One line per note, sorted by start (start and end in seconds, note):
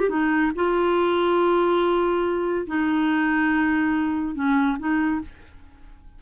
0.00 0.10 G4
0.10 0.52 D#4
0.56 2.67 F4
2.67 4.35 D#4
4.35 4.77 C#4
4.79 5.21 D#4